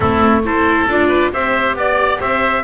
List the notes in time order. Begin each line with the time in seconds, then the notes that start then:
0.00 A3 C4 E4 A4
0.45 E4 A4 C5
0.88 D4 F4 D5
1.08 B4
1.32 C4 G4 C5 E5
1.74 B3 D5
2.19 C4 C5 E5